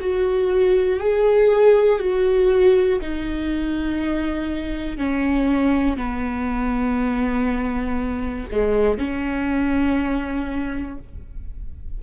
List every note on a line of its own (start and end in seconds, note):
0.00 1.00 F#4
1.00 2.00 G#4
2.00 3.00 F#4
3.01 4.98 D#4
4.98 5.97 C#4
5.97 8.47 B3
8.52 8.99 G#3
8.99 10.99 C#4